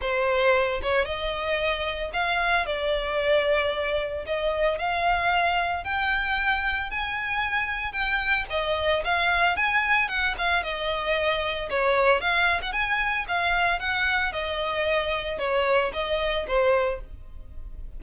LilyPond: \new Staff \with { instrumentName = "violin" } { \time 4/4 \tempo 4 = 113 c''4. cis''8 dis''2 | f''4 d''2. | dis''4 f''2 g''4~ | g''4 gis''2 g''4 |
dis''4 f''4 gis''4 fis''8 f''8 | dis''2 cis''4 f''8. fis''16 | gis''4 f''4 fis''4 dis''4~ | dis''4 cis''4 dis''4 c''4 | }